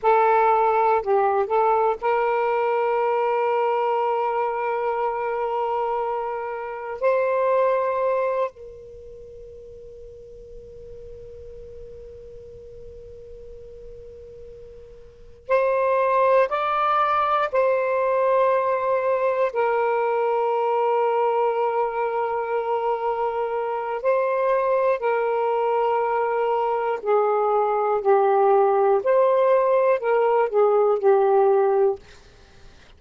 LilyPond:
\new Staff \with { instrumentName = "saxophone" } { \time 4/4 \tempo 4 = 60 a'4 g'8 a'8 ais'2~ | ais'2. c''4~ | c''8 ais'2.~ ais'8~ | ais'2.~ ais'8 c''8~ |
c''8 d''4 c''2 ais'8~ | ais'1 | c''4 ais'2 gis'4 | g'4 c''4 ais'8 gis'8 g'4 | }